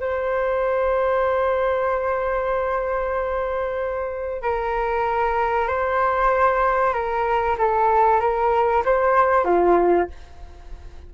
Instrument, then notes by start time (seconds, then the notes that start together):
flute
0.00 C5
4.42 A#4
5.68 C5
6.93 A#4
7.58 A4
8.20 A#4
8.85 C5
9.44 F4